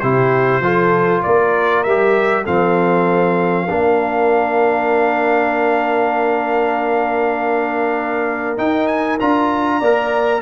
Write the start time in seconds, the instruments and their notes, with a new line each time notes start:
0.00 tuba C3, trombone E4, horn G4, trumpet C5
0.60 tuba F3, trombone F4, horn A4
1.23 tuba A#3, horn A#4, trumpet D5
1.84 tuba G3, trombone G4, trumpet E5
2.43 tuba F3, trombone C4, horn A4, trumpet F5
3.70 tuba A#3, trombone D4, horn A#4
8.58 trombone D#4, tuba D#4, trumpet G5
8.87 trumpet G#5
9.20 tuba D4, trombone F4, trumpet A#5
9.79 tuba A#3, trombone A#4, horn D5